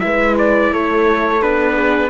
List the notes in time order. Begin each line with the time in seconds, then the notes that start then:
0.00 G#3 E4 B4 E5
0.39 D5
0.72 A3 A4 C#5
1.42 B3 D4 B4
1.75 G#4